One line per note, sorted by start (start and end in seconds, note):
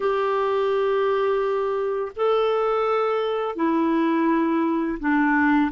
0.00 2.12 G4
2.16 3.55 A4
3.55 4.98 E4
4.99 5.71 D4